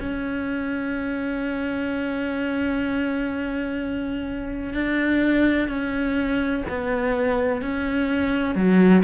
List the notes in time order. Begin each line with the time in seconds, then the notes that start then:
0.00 C#4
4.74 D4
5.68 C#4
6.68 B3
7.61 C#4
8.55 F#3